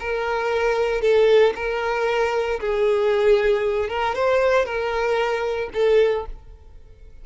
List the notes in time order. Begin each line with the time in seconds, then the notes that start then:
0.00 A#4
1.02 A4
1.56 A#4
2.60 G#4
3.89 A#4
4.15 C5
4.66 A#4
5.74 A4